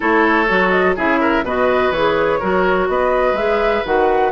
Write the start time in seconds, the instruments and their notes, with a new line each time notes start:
0.00 bassoon A3, clarinet E4, oboe A4, flute C#5
0.48 bassoon F#3, clarinet F#4
0.70 flute D#5
0.96 bassoon C#3, clarinet E4, oboe G#4, flute E5
1.20 oboe A#4
1.43 bassoon B2, clarinet F#4, oboe B4, flute D#5
1.91 bassoon E3, clarinet G#4, flute C#5
2.39 bassoon F#3, clarinet F#4, oboe A#4
2.88 bassoon B3, oboe B4, flute D#5
3.32 bassoon G#3, clarinet G#4, flute E5
3.85 bassoon D#3, clarinet F#4, flute F#5